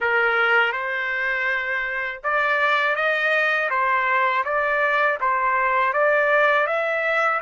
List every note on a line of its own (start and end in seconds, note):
0.00 0.72 A#4
0.72 2.20 C5
2.23 2.95 D5
2.95 3.69 D#5
3.69 4.43 C5
4.44 5.18 D5
5.20 5.93 C5
5.93 6.66 D5
6.66 7.40 E5